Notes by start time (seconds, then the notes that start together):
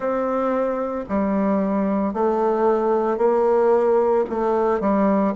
0.00 C4
1.09 G3
2.13 A3
3.17 A#3
4.29 A3
4.80 G3